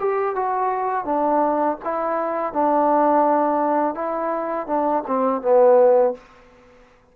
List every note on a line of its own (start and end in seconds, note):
0.00 0.36 G4
0.36 1.05 F#4
1.05 1.77 D4
1.84 2.53 E4
2.53 3.95 D4
3.95 4.67 E4
4.67 5.03 D4
5.07 5.42 C4
5.42 6.14 B3